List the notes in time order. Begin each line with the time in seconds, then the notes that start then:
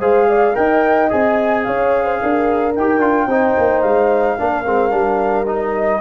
0.00 G#3 G#4 C5 F5
0.29 D5
0.54 D#4 A#4 D#5 G5
1.10 C4 G#4 G#5
1.64 C#4 C#5 F5
2.04 C5
2.22 D4 A#4
2.75 D#4 G4 G5
2.99 D4 F4
3.26 C4 D#4 C5
3.59 A#3
3.82 G#3 F5
4.39 A#3 D4 A#4
4.65 G#3 C4
4.90 G3 D4
5.47 D#4 D#5